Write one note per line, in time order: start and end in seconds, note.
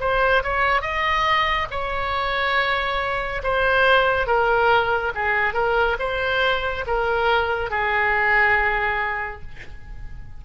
0.00 0.43 C5
0.43 0.81 C#5
0.81 1.67 D#5
1.71 3.42 C#5
3.44 4.27 C5
4.27 5.12 A#4
5.15 5.54 G#4
5.54 5.96 A#4
5.99 6.85 C5
6.87 7.70 A#4
7.70 9.42 G#4